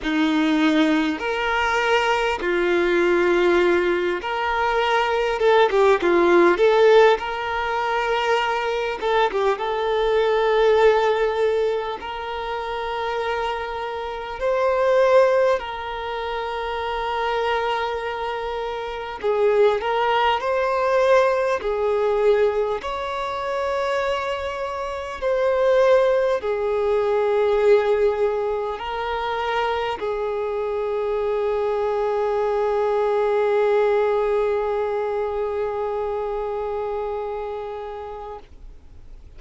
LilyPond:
\new Staff \with { instrumentName = "violin" } { \time 4/4 \tempo 4 = 50 dis'4 ais'4 f'4. ais'8~ | ais'8 a'16 g'16 f'8 a'8 ais'4. a'16 g'16 | a'2 ais'2 | c''4 ais'2. |
gis'8 ais'8 c''4 gis'4 cis''4~ | cis''4 c''4 gis'2 | ais'4 gis'2.~ | gis'1 | }